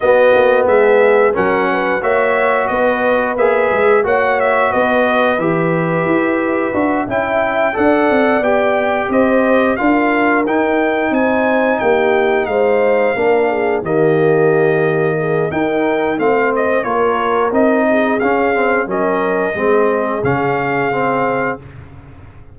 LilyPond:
<<
  \new Staff \with { instrumentName = "trumpet" } { \time 4/4 \tempo 4 = 89 dis''4 e''4 fis''4 e''4 | dis''4 e''4 fis''8 e''8 dis''4 | e''2~ e''8 g''4 fis''8~ | fis''8 g''4 dis''4 f''4 g''8~ |
g''8 gis''4 g''4 f''4.~ | f''8 dis''2~ dis''8 g''4 | f''8 dis''8 cis''4 dis''4 f''4 | dis''2 f''2 | }
  \new Staff \with { instrumentName = "horn" } { \time 4/4 fis'4 gis'4 ais'8 b'8 cis''4 | b'2 cis''4 b'4~ | b'2~ b'8 e''4 d''8~ | d''4. c''4 ais'4.~ |
ais'8 c''4 g'4 c''4 ais'8 | gis'8 g'2 gis'8 ais'4 | c''4 ais'4. gis'4. | ais'4 gis'2. | }
  \new Staff \with { instrumentName = "trombone" } { \time 4/4 b2 cis'4 fis'4~ | fis'4 gis'4 fis'2 | g'2 fis'8 e'4 a'8~ | a'8 g'2 f'4 dis'8~ |
dis'2.~ dis'8 d'8~ | d'8 ais2~ ais8 dis'4 | c'4 f'4 dis'4 cis'8 c'8 | cis'4 c'4 cis'4 c'4 | }
  \new Staff \with { instrumentName = "tuba" } { \time 4/4 b8 ais8 gis4 fis4 ais4 | b4 ais8 gis8 ais4 b4 | e4 e'4 d'8 cis'4 d'8 | c'8 b4 c'4 d'4 dis'8~ |
dis'8 c'4 ais4 gis4 ais8~ | ais8 dis2~ dis8 dis'4 | a4 ais4 c'4 cis'4 | fis4 gis4 cis2 | }
>>